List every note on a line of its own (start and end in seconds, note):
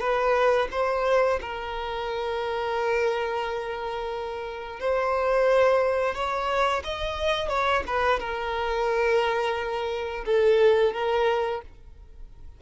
0.00 0.68 B4
0.71 1.39 C5
1.41 4.80 A#4
4.80 6.15 C5
6.15 6.83 C#5
6.84 7.49 D#5
7.49 7.83 C#5
7.87 8.20 B4
8.20 10.24 A#4
10.26 10.93 A4
10.93 11.62 A#4